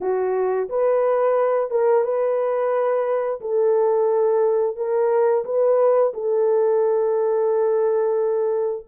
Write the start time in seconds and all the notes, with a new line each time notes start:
0.00 F#4
0.69 B4
1.70 A#4
2.04 B4
3.40 A4
4.76 A#4
5.44 B4
6.13 A4